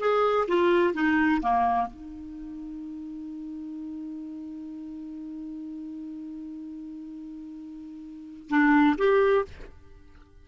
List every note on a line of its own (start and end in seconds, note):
0.00 0.47 G#4
0.48 0.94 F4
0.94 1.41 D#4
1.42 1.87 A#3
1.87 8.49 D#4
8.50 8.97 D4
8.98 9.45 G4